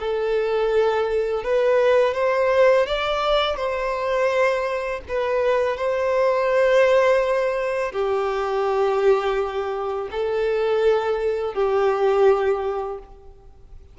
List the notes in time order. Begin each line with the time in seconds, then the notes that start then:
0.00 A4
1.44 B4
2.14 C5
2.87 D5
3.57 C5
5.08 B4
5.77 C5
7.92 G4
10.11 A4
11.54 G4